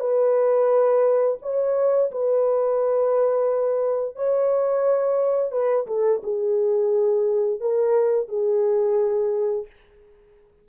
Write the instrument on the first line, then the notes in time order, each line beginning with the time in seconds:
horn
0.00 B4
1.42 C#5
2.11 B4
4.16 C#5
5.52 B4
5.87 A4
6.24 G#4
7.61 A#4
8.29 G#4